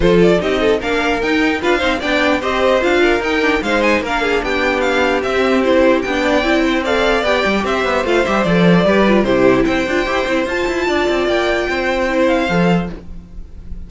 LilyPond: <<
  \new Staff \with { instrumentName = "violin" } { \time 4/4 \tempo 4 = 149 c''8 d''8 dis''4 f''4 g''4 | f''4 g''4 dis''4 f''4 | g''4 f''8 gis''8 f''4 g''4 | f''4 e''4 c''4 g''4~ |
g''4 f''4 g''4 e''4 | f''8 e''8 d''2 c''4 | g''2 a''2 | g''2~ g''8 f''4. | }
  \new Staff \with { instrumentName = "violin" } { \time 4/4 a'4 g'8 a'8 ais'2 | b'8 c''8 d''4 c''4. ais'8~ | ais'4 c''4 ais'8 gis'8 g'4~ | g'2.~ g'8 d''8~ |
d''8 c''8 d''2 c''4~ | c''2 b'4 g'4 | c''2. d''4~ | d''4 c''2. | }
  \new Staff \with { instrumentName = "viola" } { \time 4/4 f'4 dis'4 d'4 dis'4 | f'8 dis'8 d'4 g'4 f'4 | dis'8 d'8 dis'4 d'2~ | d'4 c'4 e'4 d'4 |
e'4 a'4 g'2 | f'8 g'8 a'4 g'8 f'8 e'4~ | e'8 f'8 g'8 e'8 f'2~ | f'2 e'4 a'4 | }
  \new Staff \with { instrumentName = "cello" } { \time 4/4 f4 c'4 ais4 dis'4 | d'8 c'8 b4 c'4 d'4 | dis'4 gis4 ais4 b4~ | b4 c'2 b4 |
c'2 b8 g8 c'8 b8 | a8 g8 f4 g4 c4 | c'8 d'8 e'8 c'8 f'8 e'8 d'8 c'8 | ais4 c'2 f4 | }
>>